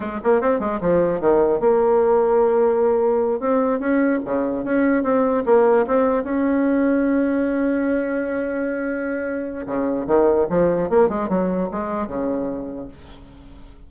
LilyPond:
\new Staff \with { instrumentName = "bassoon" } { \time 4/4 \tempo 4 = 149 gis8 ais8 c'8 gis8 f4 dis4 | ais1~ | ais8 c'4 cis'4 cis4 cis'8~ | cis'8 c'4 ais4 c'4 cis'8~ |
cis'1~ | cis'1 | cis4 dis4 f4 ais8 gis8 | fis4 gis4 cis2 | }